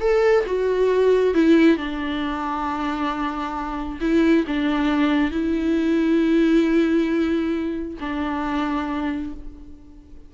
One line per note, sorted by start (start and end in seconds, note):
0.00 0.44 A4
0.46 1.34 F#4
1.34 1.77 E4
1.77 3.99 D4
4.00 4.45 E4
4.47 5.31 D4
5.31 7.98 E4
8.00 9.34 D4